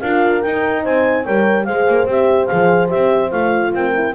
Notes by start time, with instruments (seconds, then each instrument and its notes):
0.00 double bass D4, horn F4 A#4, clarinet F5
0.42 horn D#4, double bass D#4, clarinet G5
0.83 double bass C4, horn C5, clarinet G#5
1.24 double bass G3, horn A#4 C#5, clarinet G5
1.64 double bass G#3, horn G#4 C5, clarinet F5
1.88 double bass A#3
2.06 double bass C4, horn G4, clarinet E5
2.46 horn G#4, clarinet F5
2.52 double bass F3
2.88 double bass C4, horn G4, clarinet E5
3.31 double bass A3, horn F4, clarinet F5
3.73 double bass C4, horn A#4, clarinet G5
3.94 horn E4